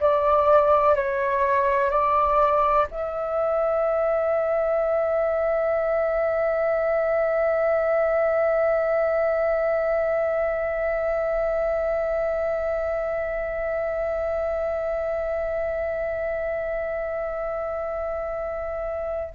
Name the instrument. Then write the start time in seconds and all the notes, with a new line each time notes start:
flute
0.00 D5
0.95 C#5
1.90 D5
2.91 E5